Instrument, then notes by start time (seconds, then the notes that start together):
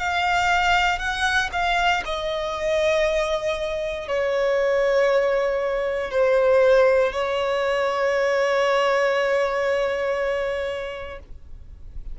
violin
0.00 F5
0.99 F#5
1.53 F5
2.06 D#5
4.08 C#5
6.11 C5
7.13 C#5